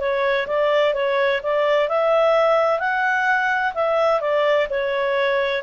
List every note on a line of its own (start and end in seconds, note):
0.00 0.47 C#5
0.47 0.94 D5
0.94 1.41 C#5
1.43 1.88 D5
1.88 2.80 E5
2.80 3.73 F#5
3.74 4.21 E5
4.21 4.67 D5
4.70 5.63 C#5